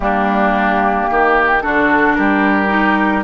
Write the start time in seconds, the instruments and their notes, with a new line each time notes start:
0.00 bassoon G3, clarinet A#3, oboe D4, flute G4
1.10 bassoon D#3, oboe G4
1.61 bassoon D3, clarinet D4, oboe F#4, flute A4
2.15 bassoon G3, oboe G4, flute A#4
2.67 clarinet D#4